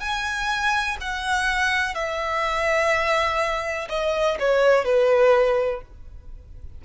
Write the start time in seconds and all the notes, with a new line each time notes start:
0.00 G#5
1.01 F#5
1.94 E5
3.89 D#5
4.39 C#5
4.85 B4